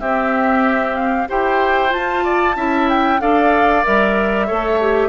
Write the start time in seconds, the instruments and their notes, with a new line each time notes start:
0.00 bassoon C4, clarinet C4, oboe G4, flute E5
0.96 flute F5
1.29 bassoon E4, clarinet G4, oboe C5, flute G5
1.89 clarinet F4, bassoon F4, flute A5
2.24 oboe D5
2.57 bassoon C#4, clarinet E4, oboe E5
2.89 flute G5
3.20 bassoon D4, clarinet A4, oboe D5, flute F5
3.84 bassoon G3, clarinet A#4, flute E5
4.47 bassoon A3, clarinet A4, oboe C#5
4.81 clarinet G4